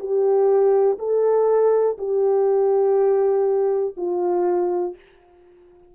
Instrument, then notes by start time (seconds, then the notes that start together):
horn
0.00 G4
0.99 A4
1.99 G4
3.97 F4